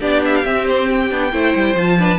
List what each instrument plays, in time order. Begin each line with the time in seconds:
0.00 cello B3, viola D4, violin G4 D5
0.25 violin E5
0.35 violin F5
0.44 viola C4, cello C4, violin E5
0.67 violin C5
0.90 violin G5
1.11 cello B3, viola D4
1.32 cello A3, viola E4, violin C5
1.55 cello G3
1.74 cello F3, viola F4, violin A5
1.98 viola D4, violin B4